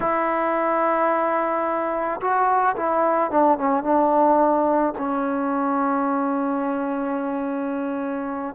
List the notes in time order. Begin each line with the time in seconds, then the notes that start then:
0.00 E4
2.20 F#4
2.76 E4
3.31 D4
3.58 C#4
3.83 D4
4.97 C#4